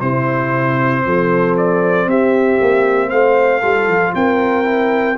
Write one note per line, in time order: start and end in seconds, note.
0.00 1.04 C3
0.00 3.62 C4
0.00 1.03 E4
0.00 1.56 C5
1.06 2.07 F3
1.06 2.09 A4
1.58 2.09 D5
2.07 2.58 C4
2.07 3.08 G4
2.07 3.10 E5
2.61 3.11 A#3
3.08 3.63 A3
3.08 3.59 C5
3.08 4.13 F5
3.59 3.88 G3
3.59 4.64 F4
3.59 4.11 A4
3.88 4.14 F3
4.15 5.18 C4
4.15 5.18 A#4
4.15 5.18 G5
4.64 5.16 E4